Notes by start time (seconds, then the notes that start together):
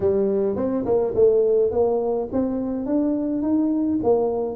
0.00 G3
0.56 C4
0.85 A#3
1.14 A3
1.71 A#3
2.32 C4
2.85 D4
3.42 D#4
4.03 A#3